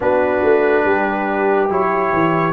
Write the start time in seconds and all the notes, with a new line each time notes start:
0.00 B3 D4 F#4 B4
0.42 A3
0.85 G3 G4
1.69 F#3 E4 C#5
2.13 E3